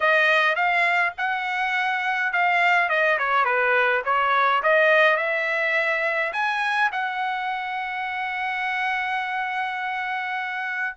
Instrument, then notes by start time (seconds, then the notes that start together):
trumpet
0.00 D#5
0.55 F5
1.17 F#5
2.33 F5
2.89 D#5
3.18 C#5
3.44 B4
4.04 C#5
4.62 D#5
5.16 E5
6.32 G#5
6.92 F#5